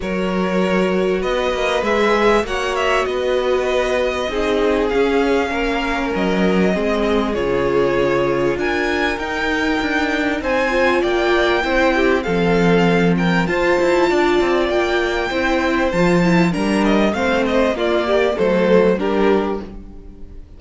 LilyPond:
<<
  \new Staff \with { instrumentName = "violin" } { \time 4/4 \tempo 4 = 98 cis''2 dis''4 e''4 | fis''8 e''8 dis''2. | f''2 dis''2 | cis''2 gis''4 g''4~ |
g''4 gis''4 g''2 | f''4. g''8 a''2 | g''2 a''4 ais''8 dis''8 | f''8 dis''8 d''4 c''4 ais'4 | }
  \new Staff \with { instrumentName = "violin" } { \time 4/4 ais'2 b'2 | cis''4 b'2 gis'4~ | gis'4 ais'2 gis'4~ | gis'2 ais'2~ |
ais'4 c''4 d''4 c''8 g'8 | a'4. ais'8 c''4 d''4~ | d''4 c''2 ais'4 | c''4 f'8 g'8 a'4 g'4 | }
  \new Staff \with { instrumentName = "viola" } { \time 4/4 fis'2. gis'4 | fis'2. dis'4 | cis'2. c'4 | f'2. dis'4~ |
dis'4. f'4. e'4 | c'2 f'2~ | f'4 e'4 f'8 e'8 d'4 | c'4 ais4 a4 d'4 | }
  \new Staff \with { instrumentName = "cello" } { \time 4/4 fis2 b8 ais8 gis4 | ais4 b2 c'4 | cis'4 ais4 fis4 gis4 | cis2 d'4 dis'4 |
d'4 c'4 ais4 c'4 | f2 f'8 e'8 d'8 c'8 | ais4 c'4 f4 g4 | a4 ais4 fis4 g4 | }
>>